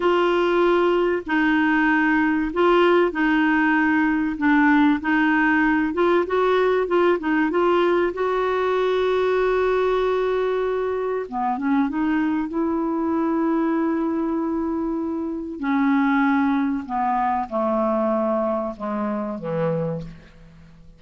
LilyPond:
\new Staff \with { instrumentName = "clarinet" } { \time 4/4 \tempo 4 = 96 f'2 dis'2 | f'4 dis'2 d'4 | dis'4. f'8 fis'4 f'8 dis'8 | f'4 fis'2.~ |
fis'2 b8 cis'8 dis'4 | e'1~ | e'4 cis'2 b4 | a2 gis4 e4 | }